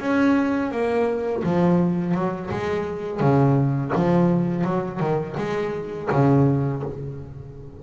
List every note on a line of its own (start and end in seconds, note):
0.00 0.71 C#4
0.71 1.43 A#3
1.44 2.14 F3
2.14 2.50 F#3
2.51 3.20 G#3
3.20 3.92 C#3
3.95 4.65 F3
4.65 5.00 F#3
5.00 5.35 D#3
5.38 6.09 G#3
6.12 6.83 C#3